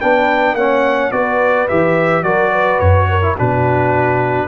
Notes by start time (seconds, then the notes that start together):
0.00 B3 D4 B4 G5
0.53 A#3 C#4 C#5 F#5
1.11 B3 F#4 B4 D5
1.68 E3 G4 E5
2.22 F#3 F#4 A#4 D5
2.51 B4
2.79 F#2 C#5
3.08 A#4
3.21 E4
3.36 B2 D4 F#4 B4